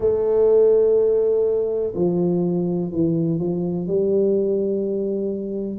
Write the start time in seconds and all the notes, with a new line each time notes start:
0.00 A3
1.95 F3
2.91 E3
3.39 F3
3.87 G3